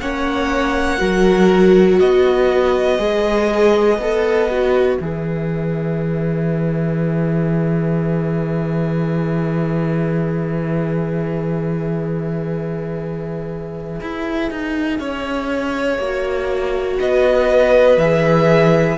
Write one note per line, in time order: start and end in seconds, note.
0.00 1.00 A#3
0.00 0.98 C#4
0.00 0.99 C#5
0.00 1.99 F#5
0.98 2.00 F#3
0.98 2.98 F#4
0.98 1.99 A#4
1.99 2.98 B3
1.99 14.99 B4
1.99 4.96 D#5
2.98 3.98 G#3
2.98 3.98 G#4
3.98 4.98 B3
3.98 4.50 A4
4.50 5.00 F#4
4.96 14.00 E3
4.96 16.00 G#4
4.96 16.96 E5
14.01 14.50 E4
14.50 14.99 D#4
14.99 15.99 C#4
14.99 16.99 C#5
15.99 16.99 A#3
15.99 18.00 F#4
16.99 17.97 B3
16.99 18.98 B4
16.99 17.98 D#5
17.97 18.97 E3
17.97 18.98 G#4
17.97 18.98 E5